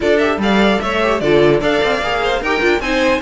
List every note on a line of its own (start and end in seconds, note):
0.00 0.37 D4
0.00 0.20 F4
0.00 0.41 A4
0.00 0.18 D5
0.18 0.39 G4
0.18 0.38 E5
0.37 0.78 G3
0.37 0.99 A4
0.37 0.82 D5
0.37 0.80 F5
0.80 1.21 A3
0.80 1.21 C#5
0.80 1.19 E5
1.02 1.22 G4
1.19 1.61 D3
1.19 1.61 F4
1.19 1.60 A4
1.19 1.60 D5
1.60 1.81 D4
1.60 2.01 A4
1.60 2.20 D5
1.60 2.43 F5
1.83 2.01 C4
2.01 2.41 A#3
2.01 2.42 G#4
2.23 2.41 C5
2.41 2.61 D#4
2.41 2.60 G4
2.41 2.81 A#4
2.41 2.80 G5
2.60 2.80 D4
2.60 2.80 F4
2.80 3.20 C4
2.80 3.21 D#4
2.80 3.21 C5
2.80 3.21 G#5